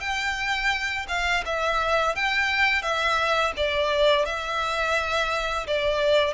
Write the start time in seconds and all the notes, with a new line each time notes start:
0.00 G5
1.08 F5
1.45 E5
2.15 G5
2.82 E5
3.56 D5
4.25 E5
5.67 D5